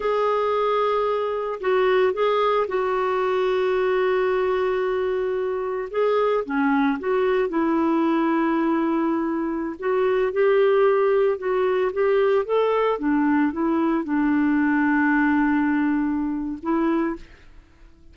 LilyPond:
\new Staff \with { instrumentName = "clarinet" } { \time 4/4 \tempo 4 = 112 gis'2. fis'4 | gis'4 fis'2.~ | fis'2. gis'4 | cis'4 fis'4 e'2~ |
e'2~ e'16 fis'4 g'8.~ | g'4~ g'16 fis'4 g'4 a'8.~ | a'16 d'4 e'4 d'4.~ d'16~ | d'2. e'4 | }